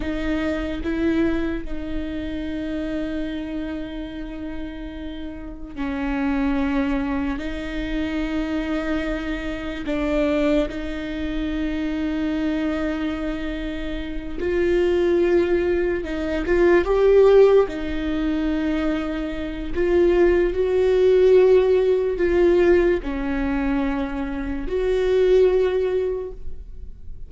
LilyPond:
\new Staff \with { instrumentName = "viola" } { \time 4/4 \tempo 4 = 73 dis'4 e'4 dis'2~ | dis'2. cis'4~ | cis'4 dis'2. | d'4 dis'2.~ |
dis'4. f'2 dis'8 | f'8 g'4 dis'2~ dis'8 | f'4 fis'2 f'4 | cis'2 fis'2 | }